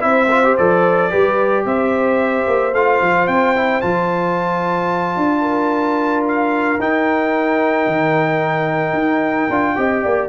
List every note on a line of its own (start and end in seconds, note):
0.00 0.58 C4
0.00 0.27 E4
0.00 1.11 C5
0.00 0.55 E5
0.30 0.44 F4
0.44 0.57 G4
0.57 1.13 F3
0.57 1.10 A4
0.57 1.65 D5
1.10 1.65 G3
1.10 2.72 G4
1.10 1.65 B4
1.65 2.46 C4
1.65 5.41 C5
1.65 2.74 E5
2.47 2.73 A#3
2.73 3.00 A3
2.73 3.55 F4
2.73 3.27 F5
3.01 3.27 F3
3.27 3.81 C4
3.27 3.81 G5
3.55 3.81 E4
3.81 5.16 F3
3.81 6.79 F4
3.81 6.24 A5
5.16 6.78 D4
5.41 9.73 A#4
6.28 6.81 F5
6.79 7.87 D#4
6.79 9.51 D#4
6.79 10.28 G5
7.87 8.93 D#3
8.93 9.47 D#4
9.49 9.76 D4
9.49 9.76 F4
9.76 10.05 C4
9.76 10.28 G4
9.76 10.03 D#5
10.03 10.28 A#3
10.03 10.28 D5